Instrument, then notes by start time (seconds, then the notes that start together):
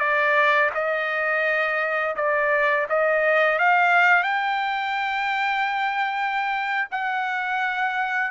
trumpet
0.00 D5
0.75 D#5
2.17 D5
2.89 D#5
3.59 F5
4.24 G5
6.91 F#5